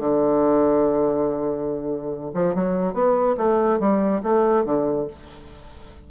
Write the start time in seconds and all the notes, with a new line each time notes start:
0.00 D3
2.35 F3
2.55 F#3
2.94 B3
3.38 A3
3.80 G3
4.23 A3
4.65 D3